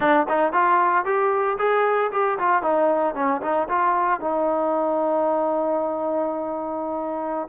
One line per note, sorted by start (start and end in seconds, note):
0.00 0.26 D4
0.28 0.53 D#4
0.53 1.05 F4
1.05 1.57 G4
1.58 2.11 G#4
2.12 2.38 G4
2.38 2.62 F4
2.62 3.14 D#4
3.14 3.41 C#4
3.41 3.67 D#4
3.68 4.20 F4
4.20 7.48 D#4